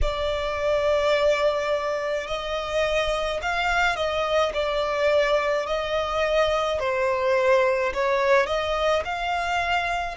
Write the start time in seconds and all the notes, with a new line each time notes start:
0.01 D5
2.27 D#5
3.42 F5
3.96 D#5
4.53 D5
5.66 D#5
6.79 C5
7.93 C#5
8.46 D#5
9.05 F5